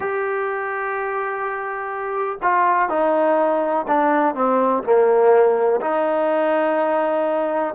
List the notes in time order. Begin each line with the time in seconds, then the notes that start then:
0.00 G4
2.42 F4
2.89 D#4
3.87 D4
4.34 C4
4.83 A#3
5.81 D#4